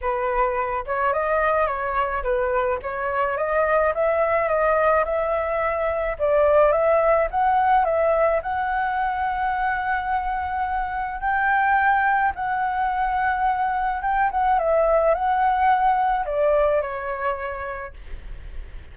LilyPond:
\new Staff \with { instrumentName = "flute" } { \time 4/4 \tempo 4 = 107 b'4. cis''8 dis''4 cis''4 | b'4 cis''4 dis''4 e''4 | dis''4 e''2 d''4 | e''4 fis''4 e''4 fis''4~ |
fis''1 | g''2 fis''2~ | fis''4 g''8 fis''8 e''4 fis''4~ | fis''4 d''4 cis''2 | }